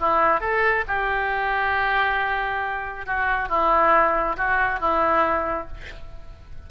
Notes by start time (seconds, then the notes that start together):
0.00 E4
0.41 A4
0.88 G4
3.06 F#4
3.49 E4
4.37 F#4
4.81 E4